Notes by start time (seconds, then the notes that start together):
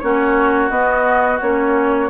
0.00 A#3 C#4 F#4 C#5
0.70 B3 D#5
1.41 A#3 C#4 C#5